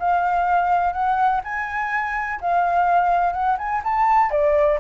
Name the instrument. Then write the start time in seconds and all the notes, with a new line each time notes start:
flute
0.00 F5
0.93 F#5
1.44 G#5
2.41 F5
3.33 F#5
3.58 G#5
3.84 A5
4.31 D5